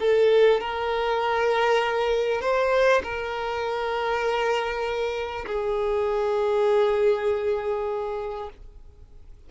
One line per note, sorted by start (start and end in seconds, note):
0.00 0.61 A4
0.61 2.42 A#4
2.42 3.02 C5
3.04 5.46 A#4
5.47 8.50 G#4